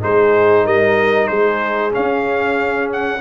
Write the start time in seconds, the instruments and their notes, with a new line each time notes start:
0.00 tuba G#3, trombone D#4, horn G#4, trumpet C5
0.65 tuba G3, horn A#4, trumpet D#5
1.27 tuba G#3, horn G#4, trumpet C5
1.91 trombone C#4, tuba C#4, trumpet F5
2.92 trumpet F#5